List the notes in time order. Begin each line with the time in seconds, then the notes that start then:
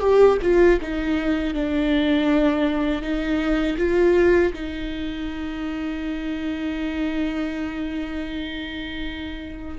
0.00 G4
0.42 F4
0.81 D#4
1.54 D4
3.02 D#4
3.78 F4
4.53 D#4